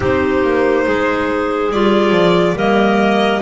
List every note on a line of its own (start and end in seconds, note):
0.00 0.43 C4
0.00 1.71 D#4
0.00 0.86 G4
0.00 1.72 C5
0.43 0.86 A#3
0.86 1.72 G#3
0.86 2.55 G#4
1.72 2.11 G3
1.72 2.56 F4
1.72 2.57 D5
2.11 2.54 F3
2.54 3.40 G3
2.54 3.41 A#3
2.54 3.41 A#4
2.54 3.41 D#5